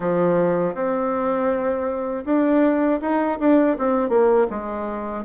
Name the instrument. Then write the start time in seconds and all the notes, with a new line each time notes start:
bassoon
0.00 F3
0.74 C4
2.25 D4
3.01 D#4
3.39 D4
3.78 C4
4.09 A#3
4.50 G#3